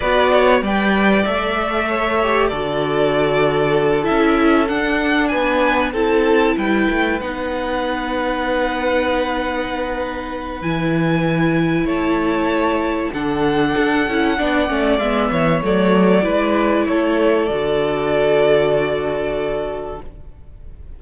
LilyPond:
<<
  \new Staff \with { instrumentName = "violin" } { \time 4/4 \tempo 4 = 96 d''4 g''4 e''2 | d''2~ d''8 e''4 fis''8~ | fis''8 gis''4 a''4 g''4 fis''8~ | fis''1~ |
fis''4 gis''2 a''4~ | a''4 fis''2. | e''4 d''2 cis''4 | d''1 | }
  \new Staff \with { instrumentName = "violin" } { \time 4/4 b'8 cis''8 d''2 cis''4 | a'1~ | a'8 b'4 a'4 b'4.~ | b'1~ |
b'2. cis''4~ | cis''4 a'2 d''4~ | d''8 cis''4. b'4 a'4~ | a'1 | }
  \new Staff \with { instrumentName = "viola" } { \time 4/4 fis'4 b'4 a'4. g'8 | fis'2~ fis'8 e'4 d'8~ | d'4. e'2 dis'8~ | dis'1~ |
dis'4 e'2.~ | e'4 d'4. e'8 d'8 cis'8 | b4 a4 e'2 | fis'1 | }
  \new Staff \with { instrumentName = "cello" } { \time 4/4 b4 g4 a2 | d2~ d8 cis'4 d'8~ | d'8 b4 c'4 g8 a8 b8~ | b1~ |
b4 e2 a4~ | a4 d4 d'8 cis'8 b8 a8 | gis8 e8 fis4 gis4 a4 | d1 | }
>>